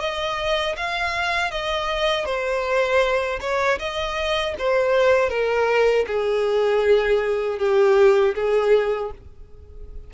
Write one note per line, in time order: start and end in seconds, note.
0.00 0.76 D#5
0.77 1.51 F5
1.51 2.25 D#5
2.25 3.39 C5
3.41 3.79 C#5
3.79 4.55 D#5
4.59 5.29 C5
5.29 6.05 A#4
6.07 7.58 G#4
7.58 8.34 G4
8.35 9.11 G#4